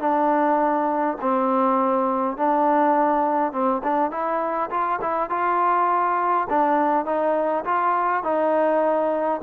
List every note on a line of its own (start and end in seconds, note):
0.00 1.18 D4
1.21 2.37 C4
2.37 3.52 D4
3.52 3.82 C4
3.83 4.11 D4
4.11 4.70 E4
4.70 5.00 F4
5.02 5.30 E4
5.30 6.48 F4
6.50 7.06 D4
7.06 7.64 D#4
7.65 8.24 F4
8.24 9.41 D#4